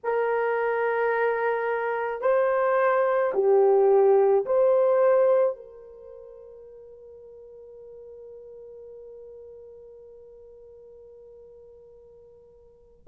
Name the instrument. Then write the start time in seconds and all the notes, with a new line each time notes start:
horn
0.03 A#4
2.21 C5
3.34 G4
4.45 C5
5.56 A#4